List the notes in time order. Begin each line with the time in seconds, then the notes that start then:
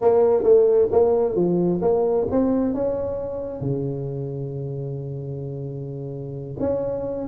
0.01 A#3
0.43 A3
0.91 A#3
1.35 F3
1.81 A#3
2.31 C4
2.74 C#4
3.60 C#3
6.59 C#4